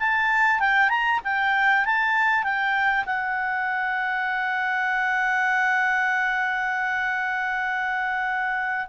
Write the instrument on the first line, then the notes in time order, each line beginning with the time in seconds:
clarinet
0.00 A5
0.60 G5
0.90 A#5
1.24 G5
1.86 A5
2.44 G5
3.06 F#5